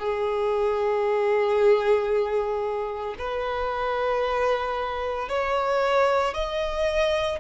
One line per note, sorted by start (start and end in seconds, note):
0.00 3.16 G#4
3.19 5.30 B4
5.30 6.34 C#5
6.34 7.40 D#5